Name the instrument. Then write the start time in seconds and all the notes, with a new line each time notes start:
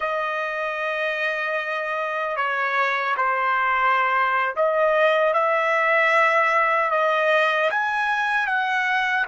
trumpet
0.00 D#5
2.36 C#5
3.17 C5
4.56 D#5
5.33 E5
6.90 D#5
7.70 G#5
8.47 F#5